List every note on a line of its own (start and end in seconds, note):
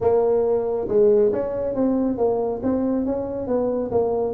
0.00 0.87 A#3
0.88 1.31 G#3
1.32 1.75 C#4
1.75 2.17 C4
2.17 2.61 A#3
2.62 3.05 C4
3.05 3.47 C#4
3.47 3.90 B3
3.91 4.33 A#3